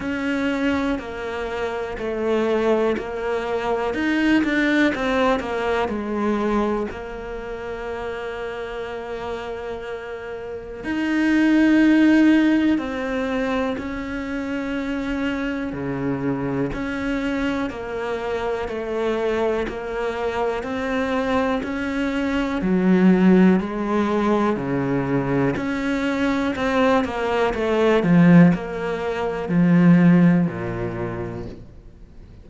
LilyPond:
\new Staff \with { instrumentName = "cello" } { \time 4/4 \tempo 4 = 61 cis'4 ais4 a4 ais4 | dis'8 d'8 c'8 ais8 gis4 ais4~ | ais2. dis'4~ | dis'4 c'4 cis'2 |
cis4 cis'4 ais4 a4 | ais4 c'4 cis'4 fis4 | gis4 cis4 cis'4 c'8 ais8 | a8 f8 ais4 f4 ais,4 | }